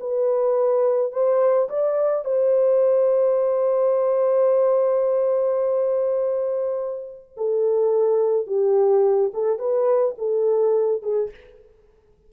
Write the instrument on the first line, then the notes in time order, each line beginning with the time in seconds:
horn
0.00 B4
1.12 C5
1.69 D5
2.25 C5
7.37 A4
8.47 G4
9.33 A4
9.59 B4
10.18 A4
11.02 G#4